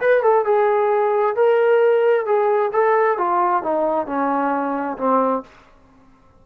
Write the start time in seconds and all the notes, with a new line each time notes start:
0.00 B4
0.23 A4
0.45 G#4
1.36 A#4
2.26 G#4
2.73 A4
3.18 F4
3.63 D#4
4.07 C#4
4.98 C4